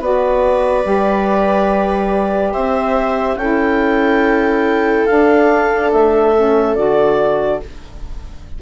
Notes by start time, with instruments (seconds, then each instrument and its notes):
0.00 bassoon B3, saxophone F#4, viola B4, clarinet D5
0.84 bassoon G3, saxophone G4
2.53 bassoon C4, viola C5, clarinet E5
3.36 bassoon C#4, saxophone E4, viola A4, clarinet G5
5.06 saxophone D4, bassoon D4, clarinet F5
5.93 bassoon A3, clarinet E5
6.36 saxophone C#4
6.76 bassoon D3, saxophone F#4, clarinet D5